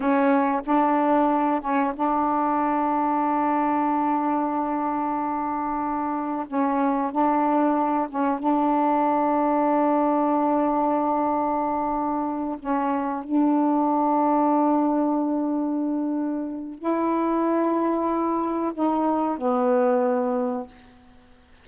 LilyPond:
\new Staff \with { instrumentName = "saxophone" } { \time 4/4 \tempo 4 = 93 cis'4 d'4. cis'8 d'4~ | d'1~ | d'2 cis'4 d'4~ | d'8 cis'8 d'2.~ |
d'2.~ d'8 cis'8~ | cis'8 d'2.~ d'8~ | d'2 e'2~ | e'4 dis'4 b2 | }